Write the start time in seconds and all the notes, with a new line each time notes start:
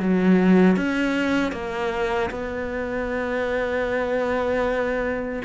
0.00 F#3
0.77 C#4
1.52 A#3
2.31 B3